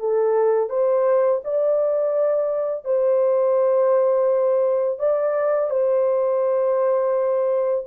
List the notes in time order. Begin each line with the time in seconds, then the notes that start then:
0.00 A4
0.70 C5
1.44 D5
2.85 C5
4.99 D5
5.70 C5